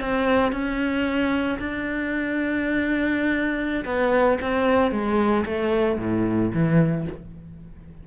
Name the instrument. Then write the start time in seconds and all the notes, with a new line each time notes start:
cello
0.00 C4
0.52 C#4
1.59 D4
3.85 B3
4.41 C4
4.91 G#3
5.45 A3
5.98 A2
6.54 E3